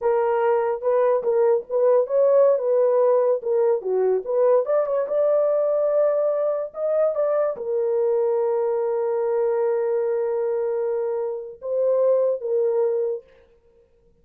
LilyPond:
\new Staff \with { instrumentName = "horn" } { \time 4/4 \tempo 4 = 145 ais'2 b'4 ais'4 | b'4 cis''4~ cis''16 b'4.~ b'16~ | b'16 ais'4 fis'4 b'4 d''8 cis''16~ | cis''16 d''2.~ d''8.~ |
d''16 dis''4 d''4 ais'4.~ ais'16~ | ais'1~ | ais'1 | c''2 ais'2 | }